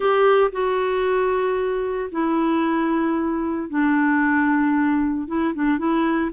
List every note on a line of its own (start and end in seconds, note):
0.00 0.50 G4
0.52 2.10 F#4
2.11 3.69 E4
3.69 5.27 D4
5.27 5.54 E4
5.54 5.78 D4
5.78 6.30 E4